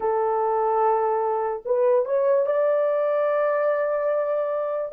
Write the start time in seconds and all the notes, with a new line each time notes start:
0.00 A4
1.65 B4
2.05 C#5
2.45 D5